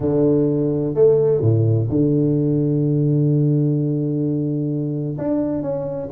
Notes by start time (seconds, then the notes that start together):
0.00 D3
0.94 A3
1.40 A2
1.89 D3
5.18 D4
5.62 C#4